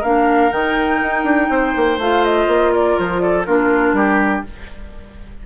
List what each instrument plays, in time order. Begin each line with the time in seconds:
0.00 bassoon A#3, clarinet D4, oboe A#4, flute F5
0.51 bassoon D#3, clarinet D#4, flute G5
1.02 bassoon D#4
1.24 bassoon D4
1.50 bassoon C4, oboe C5
1.76 bassoon A#3
1.98 bassoon A3, clarinet F4, flute F5
2.24 flute D#5
2.47 bassoon A#3
2.73 oboe A#4, flute D5
2.99 bassoon F3, flute C5
3.19 oboe A4, flute D5
3.45 bassoon A#3, clarinet D4, oboe F4, flute A#4
3.93 bassoon G3, oboe G4